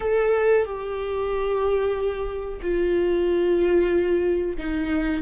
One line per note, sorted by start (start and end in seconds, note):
0.00 0.64 A4
0.64 2.60 G4
2.61 4.57 F4
4.57 5.22 D#4